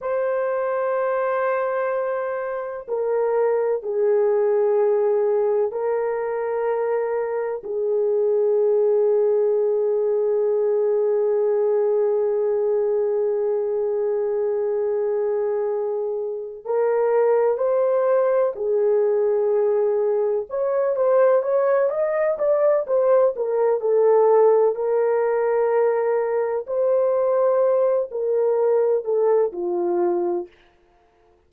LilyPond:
\new Staff \with { instrumentName = "horn" } { \time 4/4 \tempo 4 = 63 c''2. ais'4 | gis'2 ais'2 | gis'1~ | gis'1~ |
gis'4. ais'4 c''4 gis'8~ | gis'4. cis''8 c''8 cis''8 dis''8 d''8 | c''8 ais'8 a'4 ais'2 | c''4. ais'4 a'8 f'4 | }